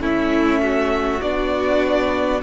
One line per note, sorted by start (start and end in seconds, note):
0.00 1.20 A3
0.00 1.21 C#4
0.00 0.61 E4
0.00 1.21 E5
0.62 2.42 F#4
1.21 2.42 B3
1.21 2.43 D4
1.21 2.41 D5